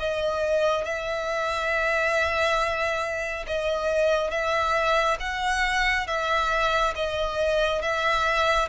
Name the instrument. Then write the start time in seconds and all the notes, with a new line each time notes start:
violin
0.00 D#5
0.85 E5
3.47 D#5
4.31 E5
5.20 F#5
6.07 E5
6.96 D#5
7.82 E5